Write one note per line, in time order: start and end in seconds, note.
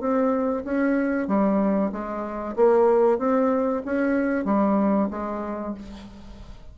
0.00 0.64 C4
0.64 1.28 C#4
1.28 1.91 G3
1.92 2.56 G#3
2.56 3.19 A#3
3.19 3.82 C4
3.85 4.45 C#4
4.45 5.09 G3
5.11 5.74 G#3